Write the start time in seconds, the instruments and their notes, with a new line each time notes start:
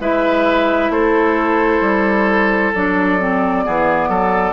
0.00 bassoon G#3, clarinet E4, oboe B4, flute E5
0.90 bassoon A3, oboe A4, flute C5
1.81 bassoon G3
2.75 bassoon F#3, clarinet D4, flute D5
3.20 clarinet C4
3.65 bassoon E3, clarinet B3, oboe G#4
4.09 bassoon F#3, oboe A4